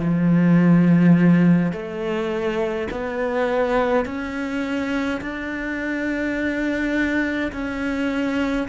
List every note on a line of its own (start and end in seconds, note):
0.00 1.73 F3
1.73 2.88 A3
2.91 4.05 B3
4.05 5.21 C#4
5.21 7.52 D4
7.53 8.68 C#4